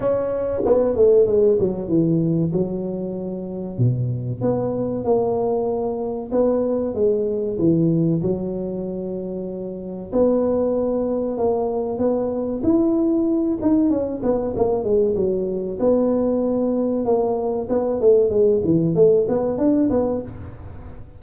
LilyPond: \new Staff \with { instrumentName = "tuba" } { \time 4/4 \tempo 4 = 95 cis'4 b8 a8 gis8 fis8 e4 | fis2 b,4 b4 | ais2 b4 gis4 | e4 fis2. |
b2 ais4 b4 | e'4. dis'8 cis'8 b8 ais8 gis8 | fis4 b2 ais4 | b8 a8 gis8 e8 a8 b8 d'8 b8 | }